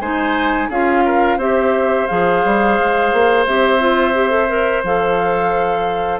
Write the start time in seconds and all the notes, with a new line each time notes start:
0.00 G#3 D#4 C5 G#5
0.70 C#4 F4 G#4 F5
1.05 A#4
1.38 C4 G4 C5 E5
2.07 F3 G#4 F5
2.45 G3
2.79 G#3
3.13 A#3
3.46 C4 G4 E5
3.80 F4
4.14 G4
4.30 A4
4.49 A#4
4.84 F3 A4 F5